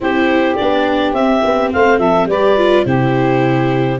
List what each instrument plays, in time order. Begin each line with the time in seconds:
0.00 tuba C4, viola E4, saxophone G4, clarinet C5
0.55 tuba B3, viola D4, clarinet D5
1.13 tuba C4, viola C4, clarinet E5
1.43 tuba B3
1.72 tuba A3, saxophone C5, clarinet F5
1.98 tuba F3, saxophone A4, clarinet E5
2.25 tuba G3, viola G4, saxophone B4, clarinet D5
2.57 viola F4
2.85 tuba C3, viola E4, saxophone G4, clarinet C5